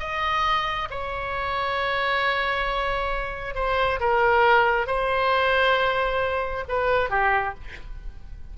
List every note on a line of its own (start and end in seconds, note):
0.00 0.89 D#5
0.91 3.56 C#5
3.56 4.00 C5
4.01 4.87 A#4
4.87 6.65 C5
6.69 7.11 B4
7.11 7.55 G4